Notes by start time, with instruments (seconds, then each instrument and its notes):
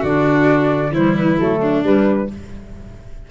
0.00 tuba D3, clarinet D4, violin F#4, flute D5
0.91 tuba E3, clarinet G3, violin E4, flute C5
1.18 flute B4
1.39 tuba F#3, clarinet A3, flute A4
1.61 violin D4
1.84 tuba G3, clarinet G3, flute B4